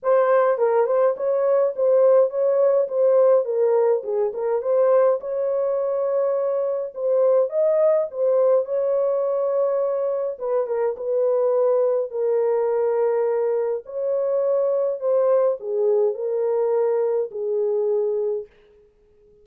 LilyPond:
\new Staff \with { instrumentName = "horn" } { \time 4/4 \tempo 4 = 104 c''4 ais'8 c''8 cis''4 c''4 | cis''4 c''4 ais'4 gis'8 ais'8 | c''4 cis''2. | c''4 dis''4 c''4 cis''4~ |
cis''2 b'8 ais'8 b'4~ | b'4 ais'2. | cis''2 c''4 gis'4 | ais'2 gis'2 | }